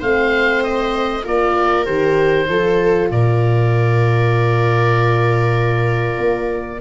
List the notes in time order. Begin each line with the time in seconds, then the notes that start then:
0.00 A3 C4 C5 F5
0.64 D#5
1.24 A#3 F4 A#4 D5
1.86 D#3 G4 C5
2.49 F3 F4 A4
3.11 A#2 A#4 D5
6.19 A#3